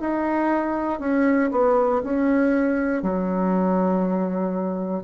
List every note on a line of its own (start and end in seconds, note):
0.00 0.99 D#4
0.99 1.50 C#4
1.51 2.02 B3
2.03 3.02 C#4
3.02 5.03 F#3